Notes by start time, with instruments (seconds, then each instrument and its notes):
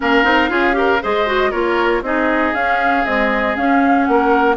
0.00 bassoon A#3, clarinet C#4, oboe A#4, flute F5
0.24 bassoon C4, clarinet D#4
0.49 bassoon C#4, clarinet F4, oboe G#4
0.72 clarinet G4, oboe A#4
1.01 bassoon G#3, clarinet G#4, oboe C5, flute D#5
1.26 clarinet F#4
1.51 bassoon A#3, clarinet F4, oboe A#4, flute C#5
2.02 bassoon C4, clarinet D#4, oboe G#4, flute D#5
2.54 bassoon C#4, clarinet C#4, flute F5
3.05 clarinet G#3, bassoon C4, flute D#5
3.55 clarinet C#4, bassoon C#4, flute F5
4.04 bassoon A#3, flute F#5
4.10 oboe A#4